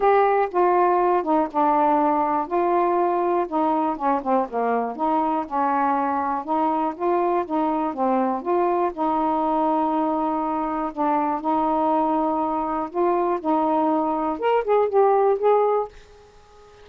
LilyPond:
\new Staff \with { instrumentName = "saxophone" } { \time 4/4 \tempo 4 = 121 g'4 f'4. dis'8 d'4~ | d'4 f'2 dis'4 | cis'8 c'8 ais4 dis'4 cis'4~ | cis'4 dis'4 f'4 dis'4 |
c'4 f'4 dis'2~ | dis'2 d'4 dis'4~ | dis'2 f'4 dis'4~ | dis'4 ais'8 gis'8 g'4 gis'4 | }